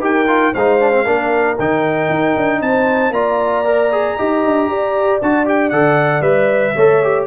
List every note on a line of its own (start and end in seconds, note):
0.00 0.52 D#4
0.00 0.26 G4
0.00 0.53 A#4
0.00 0.54 G5
0.27 0.53 F4
0.53 1.06 G#3
0.53 0.80 D#4
0.53 1.04 C5
0.53 1.58 F5
0.80 0.92 D4
0.92 1.05 C4
1.04 1.58 A#3
1.04 1.57 D4
1.04 2.59 A#4
1.59 2.09 D#3
1.59 3.13 D#4
1.59 2.62 G5
2.09 2.35 D#4
2.37 2.61 D4
2.61 3.10 C4
2.61 3.13 C5
2.61 3.13 A5
3.10 4.14 A#3
3.10 3.65 F4
3.10 4.17 D5
3.10 5.20 A#5
3.65 3.90 A#4
3.92 4.18 G#4
4.17 4.45 D#4
4.17 5.21 G4
4.17 4.68 D#5
4.45 4.67 D4
4.67 5.19 G4
4.67 6.75 D5
5.22 5.72 D4
5.22 5.45 F#4
5.22 5.48 A5
5.45 5.71 G4
5.45 5.70 G5
5.70 6.21 D3
5.70 6.22 A4
5.70 6.22 F#5
6.21 6.73 G3
6.21 6.73 B4
6.21 7.25 E5
6.75 7.27 A3
6.75 7.03 A4
6.75 7.27 C#5
7.03 7.27 G4